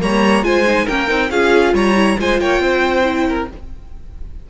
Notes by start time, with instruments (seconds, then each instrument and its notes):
0.00 cello G3, viola A#3, violin C#5 A#5
0.43 cello G#3, viola F4, violin C5 G#5
0.66 viola D#4
0.86 cello A#3, viola C#4, violin A#4 G5
1.08 cello C4, viola D#4
1.31 cello C#4, viola F4, violin G#4 F5
1.74 cello G3, violin C#5 A#5
1.96 viola E4
2.19 cello G#3, viola F4, violin C5 G#5
2.40 cello A#3, violin C#5 G5
2.61 cello C4, violin C5
3.04 viola E4
3.29 violin A#4